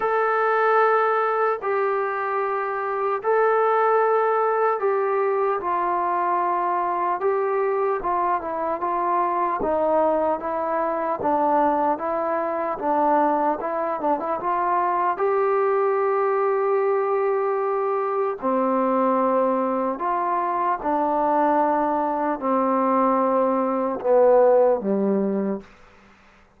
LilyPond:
\new Staff \with { instrumentName = "trombone" } { \time 4/4 \tempo 4 = 75 a'2 g'2 | a'2 g'4 f'4~ | f'4 g'4 f'8 e'8 f'4 | dis'4 e'4 d'4 e'4 |
d'4 e'8 d'16 e'16 f'4 g'4~ | g'2. c'4~ | c'4 f'4 d'2 | c'2 b4 g4 | }